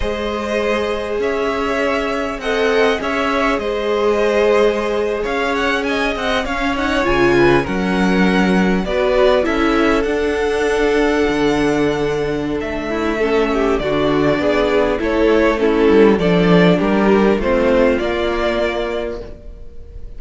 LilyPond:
<<
  \new Staff \with { instrumentName = "violin" } { \time 4/4 \tempo 4 = 100 dis''2 e''2 | fis''4 e''4 dis''2~ | dis''8. f''8 fis''8 gis''8 fis''8 f''8 fis''8 gis''16~ | gis''8. fis''2 d''4 e''16~ |
e''8. fis''2.~ fis''16~ | fis''4 e''2 d''4~ | d''4 cis''4 a'4 d''4 | ais'4 c''4 d''2 | }
  \new Staff \with { instrumentName = "violin" } { \time 4/4 c''2 cis''2 | dis''4 cis''4 c''2~ | c''8. cis''4 dis''4 cis''4~ cis''16~ | cis''16 b'8 ais'2 b'4 a'16~ |
a'1~ | a'4. e'8 a'8 g'8 fis'4 | gis'4 a'4 e'4 a'4 | g'4 f'2. | }
  \new Staff \with { instrumentName = "viola" } { \time 4/4 gis'1 | a'4 gis'2.~ | gis'2~ gis'8. cis'8 dis'8 f'16~ | f'8. cis'2 fis'4 e'16~ |
e'8. d'2.~ d'16~ | d'2 cis'4 d'4~ | d'4 e'4 cis'4 d'4~ | d'4 c'4 ais2 | }
  \new Staff \with { instrumentName = "cello" } { \time 4/4 gis2 cis'2 | c'4 cis'4 gis2~ | gis8. cis'4. c'8 cis'4 cis16~ | cis8. fis2 b4 cis'16~ |
cis'8. d'2 d4~ d16~ | d4 a2 d4 | b4 a4. g8 f4 | g4 a4 ais2 | }
>>